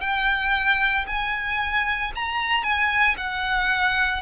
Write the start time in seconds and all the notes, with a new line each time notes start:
0.00 G5
1.07 G#5
2.15 A#5
2.63 G#5
3.17 F#5